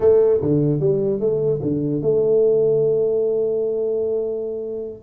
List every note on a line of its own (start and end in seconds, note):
0.00 0.40 A3
0.41 0.80 D3
0.80 1.20 G3
1.20 1.60 A3
1.62 2.01 D3
2.01 5.02 A3